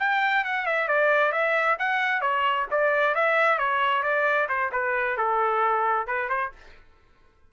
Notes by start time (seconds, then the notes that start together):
0.00 G5
0.44 F#5
0.66 E5
0.88 D5
1.32 E5
1.79 F#5
2.22 C#5
2.71 D5
3.15 E5
3.59 C#5
4.03 D5
4.49 C5
4.72 B4
5.18 A4
6.07 B4
6.30 C5